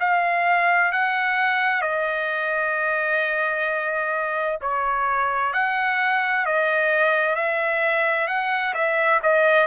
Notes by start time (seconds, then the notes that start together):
0.00 F5
0.92 F#5
1.82 D#5
4.62 C#5
5.53 F#5
6.46 D#5
7.36 E5
8.27 F#5
8.74 E5
9.23 D#5